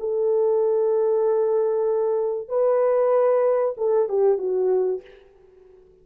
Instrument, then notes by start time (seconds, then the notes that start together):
horn
0.00 A4
2.49 B4
3.78 A4
4.09 G4
4.38 F#4